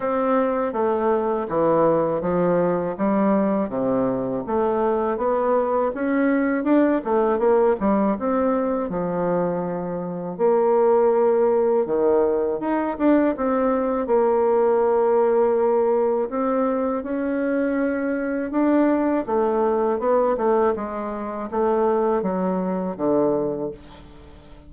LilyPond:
\new Staff \with { instrumentName = "bassoon" } { \time 4/4 \tempo 4 = 81 c'4 a4 e4 f4 | g4 c4 a4 b4 | cis'4 d'8 a8 ais8 g8 c'4 | f2 ais2 |
dis4 dis'8 d'8 c'4 ais4~ | ais2 c'4 cis'4~ | cis'4 d'4 a4 b8 a8 | gis4 a4 fis4 d4 | }